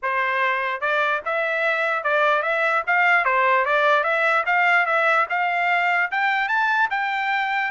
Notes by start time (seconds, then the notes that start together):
0.02 C5
0.80 D5
1.25 E5
2.03 D5
2.42 E5
2.86 F5
3.25 C5
3.65 D5
4.03 E5
4.46 F5
4.86 E5
5.29 F5
6.11 G5
6.48 A5
6.90 G5